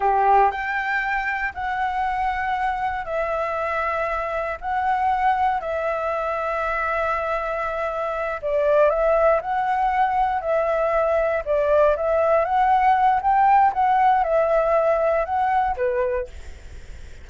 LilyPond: \new Staff \with { instrumentName = "flute" } { \time 4/4 \tempo 4 = 118 g'4 g''2 fis''4~ | fis''2 e''2~ | e''4 fis''2 e''4~ | e''1~ |
e''8 d''4 e''4 fis''4.~ | fis''8 e''2 d''4 e''8~ | e''8 fis''4. g''4 fis''4 | e''2 fis''4 b'4 | }